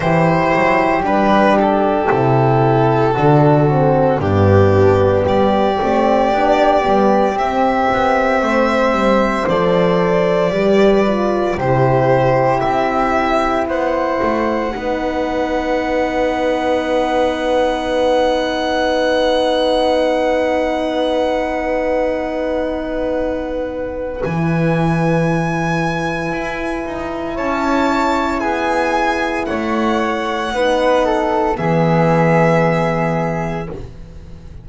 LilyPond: <<
  \new Staff \with { instrumentName = "violin" } { \time 4/4 \tempo 4 = 57 c''4 b'8 a'2~ a'8 | g'4 d''2 e''4~ | e''4 d''2 c''4 | e''4 fis''2.~ |
fis''1~ | fis''2. gis''4~ | gis''2 a''4 gis''4 | fis''2 e''2 | }
  \new Staff \with { instrumentName = "flute" } { \time 4/4 g'2. fis'4 | d'4 g'2. | c''2 b'4 g'4~ | g'4 c''4 b'2~ |
b'1~ | b'1~ | b'2 cis''4 gis'4 | cis''4 b'8 a'8 gis'2 | }
  \new Staff \with { instrumentName = "horn" } { \time 4/4 e'4 d'4 e'4 d'8 c'8 | b4. c'8 d'8 b8 c'4~ | c'4 a'4 g'8 f'8 e'4~ | e'2 dis'2~ |
dis'1~ | dis'2. e'4~ | e'1~ | e'4 dis'4 b2 | }
  \new Staff \with { instrumentName = "double bass" } { \time 4/4 e8 fis8 g4 c4 d4 | g,4 g8 a8 b8 g8 c'8 b8 | a8 g8 f4 g4 c4 | c'4 b8 a8 b2~ |
b1~ | b2. e4~ | e4 e'8 dis'8 cis'4 b4 | a4 b4 e2 | }
>>